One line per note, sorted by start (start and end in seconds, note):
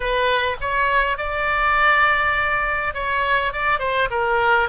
0.00 0.56 B4
0.60 1.17 C#5
1.17 2.94 D5
2.94 3.52 C#5
3.52 3.79 D5
3.79 4.08 C5
4.10 4.69 A#4